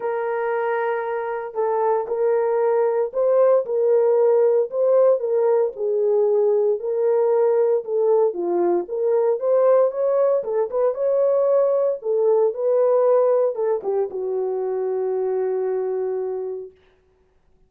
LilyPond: \new Staff \with { instrumentName = "horn" } { \time 4/4 \tempo 4 = 115 ais'2. a'4 | ais'2 c''4 ais'4~ | ais'4 c''4 ais'4 gis'4~ | gis'4 ais'2 a'4 |
f'4 ais'4 c''4 cis''4 | a'8 b'8 cis''2 a'4 | b'2 a'8 g'8 fis'4~ | fis'1 | }